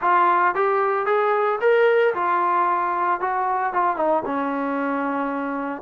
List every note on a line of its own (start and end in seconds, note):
0.01 0.54 F4
0.54 1.05 G4
1.05 1.59 G#4
1.60 2.14 A#4
2.14 3.20 F4
3.20 3.73 F#4
3.73 3.96 F4
3.96 4.22 D#4
4.25 5.81 C#4